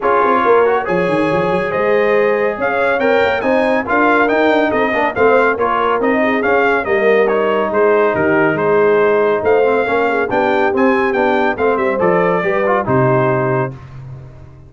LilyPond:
<<
  \new Staff \with { instrumentName = "trumpet" } { \time 4/4 \tempo 4 = 140 cis''2 gis''2 | dis''2 f''4 g''4 | gis''4 f''4 g''4 dis''4 | f''4 cis''4 dis''4 f''4 |
dis''4 cis''4 c''4 ais'4 | c''2 f''2 | g''4 gis''4 g''4 f''8 e''8 | d''2 c''2 | }
  \new Staff \with { instrumentName = "horn" } { \time 4/4 gis'4 ais'4 cis''2 | c''2 cis''2 | c''4 ais'2 a'8 ais'8 | c''4 ais'4. gis'4. |
ais'2 gis'4 g'4 | gis'2 c''4 ais'8 gis'8 | g'2. c''4~ | c''4 b'4 g'2 | }
  \new Staff \with { instrumentName = "trombone" } { \time 4/4 f'4. fis'8 gis'2~ | gis'2. ais'4 | dis'4 f'4 dis'4. d'8 | c'4 f'4 dis'4 cis'4 |
ais4 dis'2.~ | dis'2~ dis'8 c'8 cis'4 | d'4 c'4 d'4 c'4 | a'4 g'8 f'8 dis'2 | }
  \new Staff \with { instrumentName = "tuba" } { \time 4/4 cis'8 c'8 ais4 f8 dis8 f8 fis8 | gis2 cis'4 c'8 ais8 | c'4 d'4 dis'8 d'8 c'8 ais8 | a4 ais4 c'4 cis'4 |
g2 gis4 dis4 | gis2 a4 ais4 | b4 c'4 b4 a8 g8 | f4 g4 c2 | }
>>